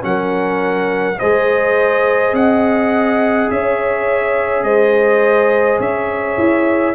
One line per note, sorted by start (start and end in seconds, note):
0.00 1.20 F#3
0.00 1.15 C#4
0.00 1.19 F#5
0.07 1.19 A#4
1.19 2.32 G#3
1.19 6.95 G#4
1.19 2.34 C5
1.19 2.34 D#5
2.32 3.48 C4
2.32 3.50 D#5
2.32 3.50 F#5
3.50 4.63 C#4
3.50 4.65 C#5
3.50 4.63 E5
4.63 5.79 G#3
4.63 5.79 C5
4.63 5.79 D#5
5.79 6.37 C#4
5.79 6.95 C#5
5.79 6.95 E5
6.37 6.95 E4